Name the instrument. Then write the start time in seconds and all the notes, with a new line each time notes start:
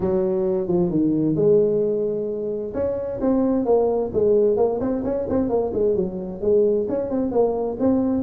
tuba
0.00 F#3
0.67 F3
0.90 D#3
1.35 G#3
2.74 C#4
3.21 C4
3.65 A#3
4.13 G#3
4.56 A#3
4.80 C4
5.04 C#4
5.29 C4
5.49 A#3
5.73 G#3
5.95 F#3
6.41 G#3
6.88 C#4
7.10 C4
7.31 A#3
7.79 C4